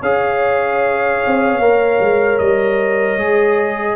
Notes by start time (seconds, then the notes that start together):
0.00 C#4 G#4 C#5 F5
1.26 C4
1.59 A#3 A#4
2.00 G#3
2.38 G3 D#5
3.17 G#3 G#4